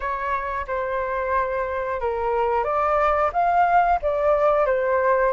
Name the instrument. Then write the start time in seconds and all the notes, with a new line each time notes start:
flute
0.00 C#5
0.67 C5
2.00 A#4
2.64 D5
3.32 F5
4.02 D5
4.65 C5